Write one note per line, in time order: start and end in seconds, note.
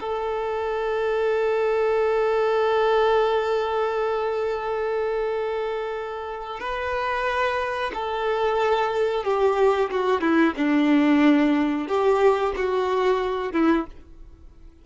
0.00 6.59 A4
6.59 7.91 B4
7.93 9.24 A4
9.24 9.90 G4
9.90 10.20 F#4
10.20 10.53 E4
10.56 11.87 D4
11.87 12.53 G4
12.56 13.52 F#4
13.52 13.85 E4